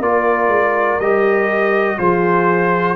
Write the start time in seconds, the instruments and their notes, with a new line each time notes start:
0.00 tuba A#3, trombone F4, horn A#4, trumpet D5
0.48 tuba G#3
1.00 tuba G3, trombone G4, trumpet D#5
1.98 tuba F3, trombone F4, horn G#4, trumpet C5